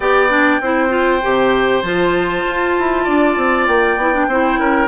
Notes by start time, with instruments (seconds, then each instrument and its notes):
0.00 bassoon B3, clarinet G4, oboe D5, flute G5
0.29 clarinet D4
0.60 bassoon C4, clarinet E4, oboe C5
0.89 clarinet F4
1.22 bassoon C3, clarinet G4
1.82 bassoon F3, clarinet F4, flute A5
2.47 bassoon F4
2.79 bassoon E4
3.04 bassoon D4, oboe D5
3.36 bassoon C4
3.67 bassoon A#3, flute G5
3.97 bassoon B3, clarinet E4
4.13 clarinet D4
4.27 bassoon C4, clarinet E4, oboe C5
4.59 bassoon C#4, oboe A#4